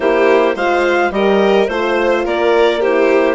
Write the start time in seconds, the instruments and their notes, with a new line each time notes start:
0.00 bassoon A#3, horn E4, violin G4, clarinet C5
0.55 bassoon G#3, horn F4, violin C5, clarinet F5
1.11 bassoon G3, horn G4, violin A#4, clarinet D#5
1.66 bassoon A3, horn F4, clarinet C5, violin C5
2.24 bassoon A#3, violin A#4, clarinet D5
2.80 horn E4, violin G4, clarinet C5